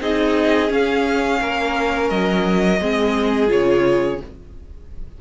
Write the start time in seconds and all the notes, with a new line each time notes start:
0.00 C4 D#4 G#4 D#5
0.68 C#4 F5
1.40 A#3 A#4
2.09 F#3 D#5
2.80 G#3 C4 G#4
3.48 C#3 F4 C#5